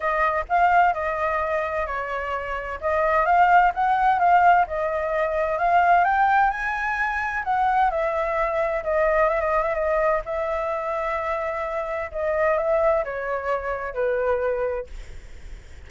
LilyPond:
\new Staff \with { instrumentName = "flute" } { \time 4/4 \tempo 4 = 129 dis''4 f''4 dis''2 | cis''2 dis''4 f''4 | fis''4 f''4 dis''2 | f''4 g''4 gis''2 |
fis''4 e''2 dis''4 | e''16 dis''8 e''16 dis''4 e''2~ | e''2 dis''4 e''4 | cis''2 b'2 | }